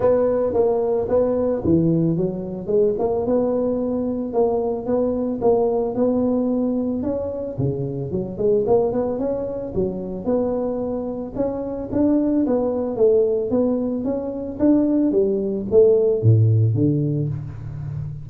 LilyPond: \new Staff \with { instrumentName = "tuba" } { \time 4/4 \tempo 4 = 111 b4 ais4 b4 e4 | fis4 gis8 ais8 b2 | ais4 b4 ais4 b4~ | b4 cis'4 cis4 fis8 gis8 |
ais8 b8 cis'4 fis4 b4~ | b4 cis'4 d'4 b4 | a4 b4 cis'4 d'4 | g4 a4 a,4 d4 | }